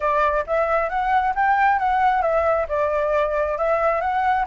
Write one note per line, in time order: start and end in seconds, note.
0.00 0.45 D5
0.46 0.89 E5
0.89 1.34 F#5
1.35 1.78 G5
1.78 2.22 F#5
2.22 2.66 E5
2.68 3.57 D5
3.58 4.01 E5
4.01 4.45 F#5